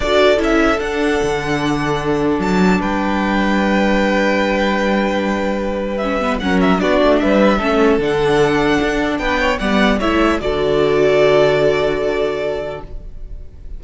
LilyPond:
<<
  \new Staff \with { instrumentName = "violin" } { \time 4/4 \tempo 4 = 150 d''4 e''4 fis''2~ | fis''2 a''4 g''4~ | g''1~ | g''2. e''4 |
fis''8 e''8 d''4 e''2 | fis''2. g''4 | fis''4 e''4 d''2~ | d''1 | }
  \new Staff \with { instrumentName = "violin" } { \time 4/4 a'1~ | a'2. b'4~ | b'1~ | b'1 |
ais'4 fis'4 b'4 a'4~ | a'2. b'8 cis''8 | d''4 cis''4 a'2~ | a'1 | }
  \new Staff \with { instrumentName = "viola" } { \time 4/4 fis'4 e'4 d'2~ | d'1~ | d'1~ | d'2. cis'8 b8 |
cis'4 d'2 cis'4 | d'1 | b4 e'4 fis'2~ | fis'1 | }
  \new Staff \with { instrumentName = "cello" } { \time 4/4 d'4 cis'4 d'4 d4~ | d2 fis4 g4~ | g1~ | g1 |
fis4 b8 a8 g4 a4 | d2 d'4 b4 | g4 a4 d2~ | d1 | }
>>